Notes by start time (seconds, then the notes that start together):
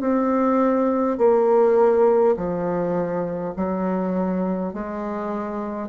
0.00 C4
1.18 A#3
2.36 F3
3.56 F#3
4.73 G#3